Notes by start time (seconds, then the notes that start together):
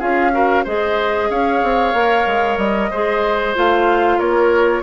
0.00 C#4 F4 G#4 F5
0.33 F#4 A#4
0.65 G#3 G#4 C5 D#5
1.31 C#4 C#5 F5
1.64 C4
1.94 A#3 A#4
2.27 G#3
2.58 G3 D#5
2.91 G#3 G#4 C5
3.55 A3 F4 F5
4.19 A#3 A#4 C#5